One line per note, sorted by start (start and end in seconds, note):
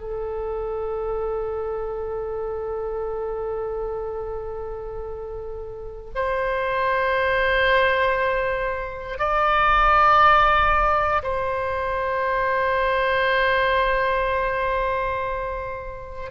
0.00 6.10 A4
6.15 9.18 C5
9.18 11.22 D5
11.23 16.30 C5